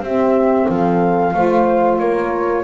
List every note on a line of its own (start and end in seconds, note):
0.00 0.65 C4
0.00 1.34 C4
0.00 0.68 G4
0.00 0.69 E5
0.69 1.33 F3
0.69 1.35 A4
0.69 1.98 F5
1.33 1.99 A3
1.33 2.63 F4
1.33 2.00 C5
1.98 2.63 A#3
1.98 2.63 A#4
1.98 2.63 C#5